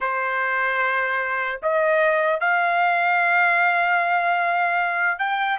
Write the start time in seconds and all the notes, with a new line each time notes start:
0.00 C5
1.62 D#5
2.40 F5
5.19 G5